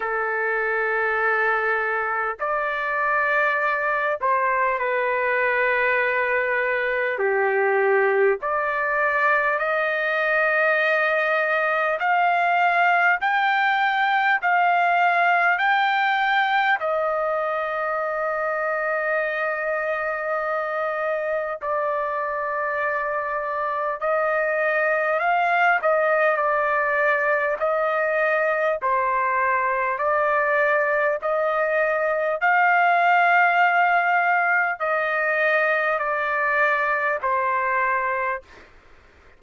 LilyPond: \new Staff \with { instrumentName = "trumpet" } { \time 4/4 \tempo 4 = 50 a'2 d''4. c''8 | b'2 g'4 d''4 | dis''2 f''4 g''4 | f''4 g''4 dis''2~ |
dis''2 d''2 | dis''4 f''8 dis''8 d''4 dis''4 | c''4 d''4 dis''4 f''4~ | f''4 dis''4 d''4 c''4 | }